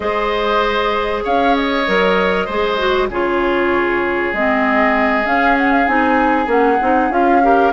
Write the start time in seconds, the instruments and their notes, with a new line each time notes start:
0.00 bassoon G#3, clarinet G#4, oboe C5, flute D#5
1.24 bassoon C#4, oboe C#5, flute F5
1.55 flute D#5
1.86 bassoon F#3, clarinet A#4
2.45 bassoon G#3, clarinet G#4, oboe C5
2.77 clarinet F#4
3.09 bassoon C#3, clarinet F4, oboe G#4, flute C#5
4.32 bassoon G#3, clarinet C4, flute D#5
5.23 clarinet C#4, bassoon C#4, flute F5
5.57 flute F#5
5.72 flute F5
5.87 bassoon C4, clarinet D#4, flute G#5
6.46 bassoon A#3, clarinet C#4, flute F#5
6.81 bassoon C4, clarinet D#4
7.10 bassoon C#4, clarinet F4, flute F5
7.42 clarinet G4, oboe A#4